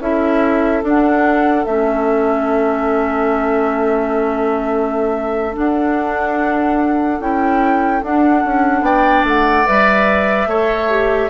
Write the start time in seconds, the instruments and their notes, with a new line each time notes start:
0.00 bassoon C#4, clarinet E4, oboe A4, flute E5
0.83 bassoon D4, clarinet D4, flute F#5
1.65 bassoon A3, clarinet C#4, flute E5
5.53 clarinet D4, bassoon D4, flute F#5
7.20 bassoon C#4, clarinet E4, flute G5
8.02 clarinet D4, bassoon D4, flute F#5
8.45 bassoon C#4
8.81 bassoon B3, oboe D5, flute G5
9.23 bassoon A3, flute F#5
9.65 bassoon G3, clarinet B4, flute E5
10.46 bassoon A3, clarinet A4, oboe C#5
10.90 clarinet G4